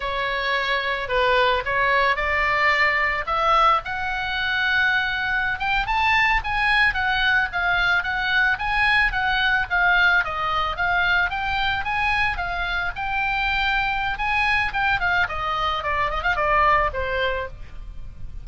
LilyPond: \new Staff \with { instrumentName = "oboe" } { \time 4/4 \tempo 4 = 110 cis''2 b'4 cis''4 | d''2 e''4 fis''4~ | fis''2~ fis''16 g''8 a''4 gis''16~ | gis''8. fis''4 f''4 fis''4 gis''16~ |
gis''8. fis''4 f''4 dis''4 f''16~ | f''8. g''4 gis''4 f''4 g''16~ | g''2 gis''4 g''8 f''8 | dis''4 d''8 dis''16 f''16 d''4 c''4 | }